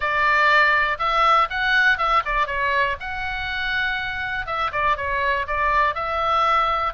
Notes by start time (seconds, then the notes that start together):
0.00 D5
0.98 E5
1.49 F#5
1.97 E5
2.25 D5
2.47 C#5
3.00 F#5
4.46 E5
4.72 D5
4.96 C#5
5.47 D5
5.94 E5